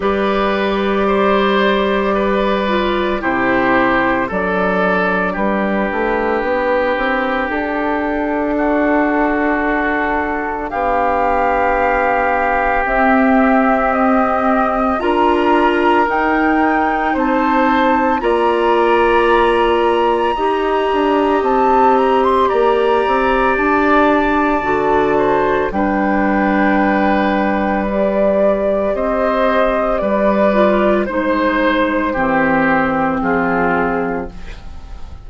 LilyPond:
<<
  \new Staff \with { instrumentName = "flute" } { \time 4/4 \tempo 4 = 56 d''2. c''4 | d''4 b'2 a'4~ | a'2 f''2 | e''4 dis''4 ais''4 g''4 |
a''4 ais''2. | a''8 ais''16 c'''16 ais''4 a''2 | g''2 d''4 dis''4 | d''4 c''2 gis'4 | }
  \new Staff \with { instrumentName = "oboe" } { \time 4/4 b'4 c''4 b'4 g'4 | a'4 g'2. | fis'2 g'2~ | g'2 ais'2 |
c''4 d''2 dis''4~ | dis''4 d''2~ d''8 c''8 | b'2. c''4 | b'4 c''4 g'4 f'4 | }
  \new Staff \with { instrumentName = "clarinet" } { \time 4/4 g'2~ g'8 f'8 e'4 | d'1~ | d'1 | c'2 f'4 dis'4~ |
dis'4 f'2 g'4~ | g'2. fis'4 | d'2 g'2~ | g'8 f'8 dis'4 c'2 | }
  \new Staff \with { instrumentName = "bassoon" } { \time 4/4 g2. c4 | fis4 g8 a8 b8 c'8 d'4~ | d'2 b2 | c'2 d'4 dis'4 |
c'4 ais2 dis'8 d'8 | c'4 ais8 c'8 d'4 d4 | g2. c'4 | g4 gis4 e4 f4 | }
>>